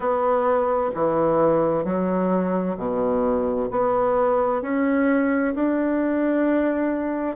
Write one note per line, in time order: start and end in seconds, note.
0.00 0.90 B3
0.94 1.84 E3
1.84 2.77 F#3
2.77 3.69 B2
3.70 4.62 B3
4.62 5.54 C#4
5.54 7.36 D4